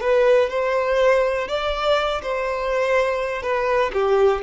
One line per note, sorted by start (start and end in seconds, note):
0.00 0.49 B4
0.49 1.48 C5
1.48 2.21 D5
2.22 3.42 C5
3.42 3.91 B4
3.93 4.42 G4